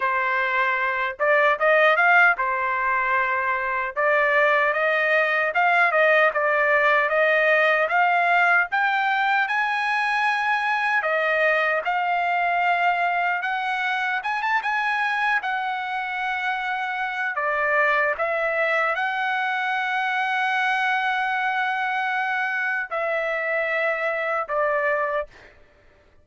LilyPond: \new Staff \with { instrumentName = "trumpet" } { \time 4/4 \tempo 4 = 76 c''4. d''8 dis''8 f''8 c''4~ | c''4 d''4 dis''4 f''8 dis''8 | d''4 dis''4 f''4 g''4 | gis''2 dis''4 f''4~ |
f''4 fis''4 gis''16 a''16 gis''4 fis''8~ | fis''2 d''4 e''4 | fis''1~ | fis''4 e''2 d''4 | }